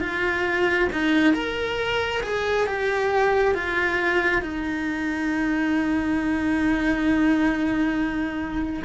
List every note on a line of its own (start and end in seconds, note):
0.00 0.88 F4
0.92 1.33 D#4
1.33 2.21 A#4
2.23 2.66 G#4
2.66 3.54 G4
3.54 4.42 F4
4.42 8.83 D#4